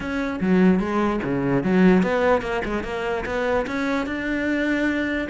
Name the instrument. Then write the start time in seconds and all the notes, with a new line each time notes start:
cello
0.00 C#4
0.40 F#3
0.79 G#3
1.23 C#3
1.63 F#3
2.02 B3
2.41 A#3
2.65 G#3
2.83 A#3
3.25 B3
3.66 C#4
4.06 D4